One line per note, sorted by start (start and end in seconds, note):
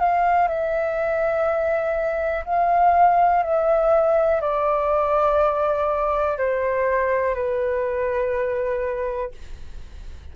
0.00 0.48 F5
0.48 2.45 E5
2.45 3.43 F5
3.43 4.41 E5
4.41 6.38 D5
6.38 7.35 C5
7.35 9.31 B4